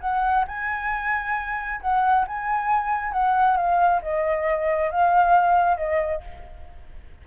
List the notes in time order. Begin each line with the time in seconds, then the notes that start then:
0.00 F#5
0.47 G#5
1.81 F#5
2.27 G#5
3.12 F#5
3.57 F5
4.01 D#5
4.90 F5
5.77 D#5